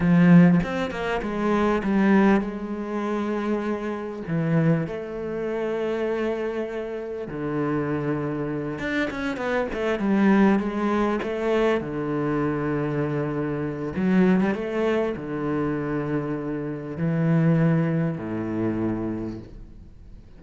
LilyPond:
\new Staff \with { instrumentName = "cello" } { \time 4/4 \tempo 4 = 99 f4 c'8 ais8 gis4 g4 | gis2. e4 | a1 | d2~ d8 d'8 cis'8 b8 |
a8 g4 gis4 a4 d8~ | d2. fis8. g16 | a4 d2. | e2 a,2 | }